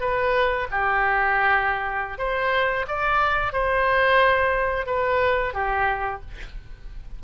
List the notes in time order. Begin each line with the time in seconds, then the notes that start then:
0.00 B4
0.71 G4
2.18 C5
2.88 D5
3.53 C5
4.86 B4
5.53 G4